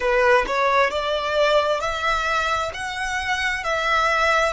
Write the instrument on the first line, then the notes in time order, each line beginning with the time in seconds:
violin
0.00 B4
0.46 C#5
0.90 D5
1.80 E5
2.73 F#5
3.63 E5